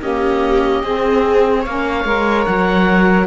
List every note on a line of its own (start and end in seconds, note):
0.00 0.82 A#3
0.00 0.84 C#4
0.00 0.83 G4
0.00 1.64 D#5
0.83 1.65 C4
0.83 1.66 C4
0.83 1.61 G#4
1.61 2.04 A#3
1.61 2.05 C#4
1.61 3.26 C#5
1.61 2.45 F5
2.04 2.45 G#3
2.04 3.27 A#4
2.45 3.27 F#3
2.45 3.27 F#5